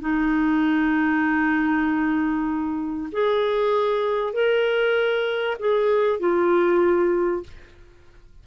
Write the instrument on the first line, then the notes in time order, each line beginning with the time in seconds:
clarinet
0.00 D#4
3.12 G#4
4.33 A#4
5.59 G#4
6.19 F4